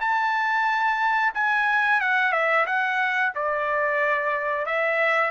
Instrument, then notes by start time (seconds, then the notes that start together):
trumpet
0.00 A5
1.34 G#5
2.01 F#5
2.32 E5
2.66 F#5
3.35 D5
4.66 E5